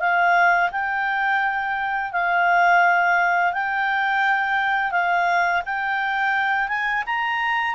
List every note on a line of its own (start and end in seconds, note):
0.00 0.71 F5
0.72 2.12 G5
2.12 3.53 F5
3.53 4.92 G5
4.92 5.62 F5
5.65 6.68 G5
6.68 7.04 G#5
7.07 7.75 A#5